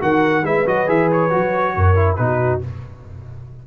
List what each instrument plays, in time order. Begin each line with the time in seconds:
0.00 tuba D#3, trombone F#4, horn A#4, trumpet F#5
0.43 tuba G#3, trombone E4, horn B4, trumpet E5
0.66 tuba F#3, trombone F#4, trumpet D#5
0.87 tuba E3, trombone G#4, trumpet E5
1.12 trumpet C#5
1.30 tuba F#3, trombone F#4
1.76 tuba F#2, horn A#4
1.95 trombone E4
2.16 tuba B2, trombone D#4, trumpet B4
2.24 horn F#4